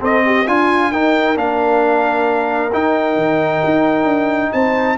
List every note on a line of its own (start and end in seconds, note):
0.00 0.45 C4
0.00 0.48 C4
0.00 0.24 A4
0.00 0.48 D#5
0.26 0.47 G4
0.47 0.93 D4
0.47 0.92 F4
0.47 0.94 F4
0.47 0.92 G#5
0.92 1.37 D#4
0.92 1.36 D#4
0.92 4.52 A#4
0.92 1.37 G5
1.36 2.72 A#3
1.36 2.71 D4
1.36 2.73 F5
2.73 4.98 D#4
2.73 3.17 D#4
2.73 4.53 G5
3.17 3.62 D#3
3.65 4.05 D#4
4.05 4.50 D4
4.53 4.98 C4
4.53 4.98 C5
4.53 4.98 A5